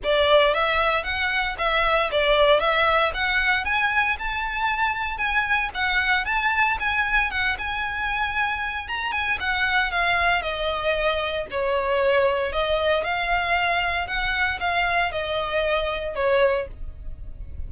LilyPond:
\new Staff \with { instrumentName = "violin" } { \time 4/4 \tempo 4 = 115 d''4 e''4 fis''4 e''4 | d''4 e''4 fis''4 gis''4 | a''2 gis''4 fis''4 | a''4 gis''4 fis''8 gis''4.~ |
gis''4 ais''8 gis''8 fis''4 f''4 | dis''2 cis''2 | dis''4 f''2 fis''4 | f''4 dis''2 cis''4 | }